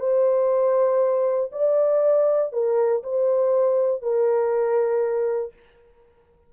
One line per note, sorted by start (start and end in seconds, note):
0.00 1.51 C5
1.52 2.53 D5
2.53 3.03 A#4
3.04 4.03 C5
4.03 5.54 A#4